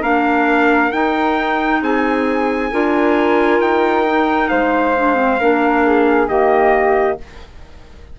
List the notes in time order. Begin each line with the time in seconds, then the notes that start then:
0.00 A#3 D4 A#4 F5
0.91 D#4 G5
1.81 C4 G#4 G#5
2.71 D4 F4 A#4
3.60 D#4 G5
4.05 D#4
4.48 G#3 C5 F5
4.96 D4
5.14 C4
5.39 A#3 D4 A#4
5.85 G#4
6.27 D#3 A#3 G4 D#5